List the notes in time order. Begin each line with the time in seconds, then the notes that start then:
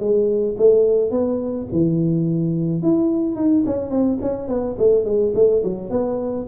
0.00 G#3
0.58 A3
1.11 B3
1.72 E3
2.82 E4
3.36 D#4
3.66 C#4
3.91 C4
4.22 C#4
4.48 B3
4.79 A3
5.05 G#3
5.35 A3
5.64 F#3
5.90 B3